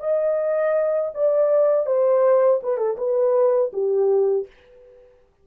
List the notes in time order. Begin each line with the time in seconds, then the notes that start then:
0.00 D#5
1.14 D5
1.87 C5
2.63 B4
2.77 A4
2.98 B4
3.73 G4